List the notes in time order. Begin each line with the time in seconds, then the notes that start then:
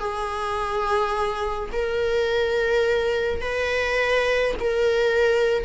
0.00 G#4
1.73 A#4
3.42 B4
4.60 A#4